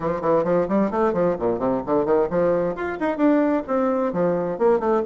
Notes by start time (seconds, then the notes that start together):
0.00 F3
0.21 E3
0.44 F3
0.68 G3
0.90 A3
1.13 F3
1.39 A#2
1.58 C3
1.85 D3
2.05 D#3
2.30 F3
2.75 F4
3.00 D#4
3.17 D4
3.67 C4
4.12 F3
4.58 A#3
4.79 A3